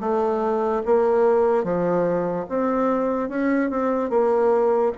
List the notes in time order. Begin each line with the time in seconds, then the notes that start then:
0.00 A3
0.85 A#3
1.64 F3
2.49 C4
3.29 C#4
3.70 C4
4.10 A#3